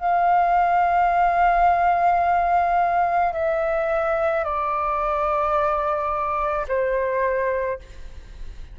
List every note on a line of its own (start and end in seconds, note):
0.00 3.33 F5
3.33 4.44 E5
4.44 6.67 D5
6.68 7.79 C5